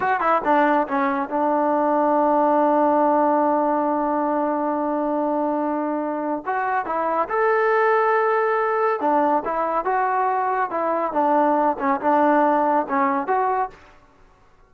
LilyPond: \new Staff \with { instrumentName = "trombone" } { \time 4/4 \tempo 4 = 140 fis'8 e'8 d'4 cis'4 d'4~ | d'1~ | d'1~ | d'2. fis'4 |
e'4 a'2.~ | a'4 d'4 e'4 fis'4~ | fis'4 e'4 d'4. cis'8 | d'2 cis'4 fis'4 | }